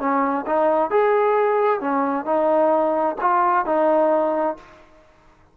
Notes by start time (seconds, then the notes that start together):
0.00 C#4
0.47 D#4
0.91 G#4
1.81 C#4
2.26 D#4
3.21 F4
3.66 D#4